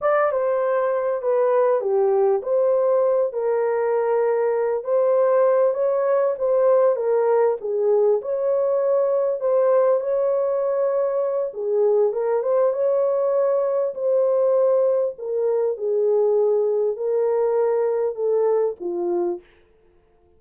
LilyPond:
\new Staff \with { instrumentName = "horn" } { \time 4/4 \tempo 4 = 99 d''8 c''4. b'4 g'4 | c''4. ais'2~ ais'8 | c''4. cis''4 c''4 ais'8~ | ais'8 gis'4 cis''2 c''8~ |
c''8 cis''2~ cis''8 gis'4 | ais'8 c''8 cis''2 c''4~ | c''4 ais'4 gis'2 | ais'2 a'4 f'4 | }